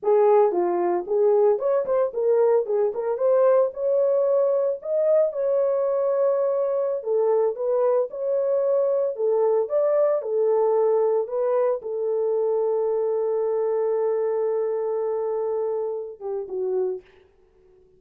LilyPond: \new Staff \with { instrumentName = "horn" } { \time 4/4 \tempo 4 = 113 gis'4 f'4 gis'4 cis''8 c''8 | ais'4 gis'8 ais'8 c''4 cis''4~ | cis''4 dis''4 cis''2~ | cis''4~ cis''16 a'4 b'4 cis''8.~ |
cis''4~ cis''16 a'4 d''4 a'8.~ | a'4~ a'16 b'4 a'4.~ a'16~ | a'1~ | a'2~ a'8 g'8 fis'4 | }